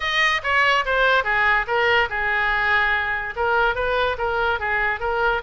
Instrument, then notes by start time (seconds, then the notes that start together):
oboe
0.00 D#5
0.43 C#5
0.85 C5
1.24 G#4
1.67 A#4
2.09 G#4
3.36 A#4
3.75 B4
4.17 A#4
4.59 G#4
5.00 A#4